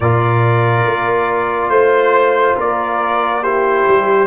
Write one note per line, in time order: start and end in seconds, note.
0.00 0.86 A#2
0.00 3.44 F4
0.00 1.71 A#4
0.00 1.69 D5
0.86 1.69 A#3
1.69 2.55 A3
1.69 2.55 C5
1.69 2.57 C5
2.57 3.86 A#3
2.57 3.42 A#4
2.57 3.43 D5
3.42 4.27 E4
3.42 4.27 G4
3.42 4.27 C5
3.87 4.27 G3